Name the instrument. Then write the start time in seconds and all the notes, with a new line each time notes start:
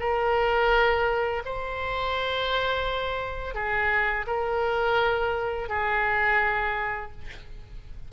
oboe
0.00 A#4
1.45 C5
3.55 G#4
4.27 A#4
5.69 G#4